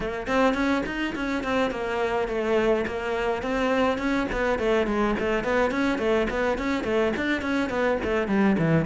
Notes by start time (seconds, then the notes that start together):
0.00 A#3
0.27 C4
0.54 C#4
0.86 D#4
1.15 C#4
1.43 C4
1.70 A#3
2.28 A3
2.86 A#3
3.42 C4
3.98 C#4
4.31 B3
4.58 A3
4.86 G#3
5.19 A3
5.44 B3
5.70 C#4
5.98 A3
6.30 B3
6.58 C#4
6.84 A3
7.16 D4
7.41 C#4
7.69 B3
8.03 A3
8.27 G3
8.58 E3